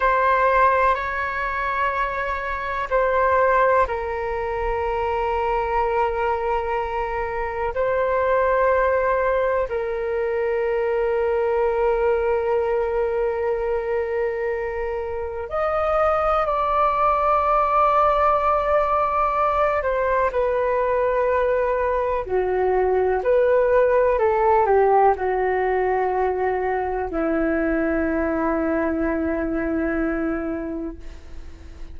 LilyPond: \new Staff \with { instrumentName = "flute" } { \time 4/4 \tempo 4 = 62 c''4 cis''2 c''4 | ais'1 | c''2 ais'2~ | ais'1 |
dis''4 d''2.~ | d''8 c''8 b'2 fis'4 | b'4 a'8 g'8 fis'2 | e'1 | }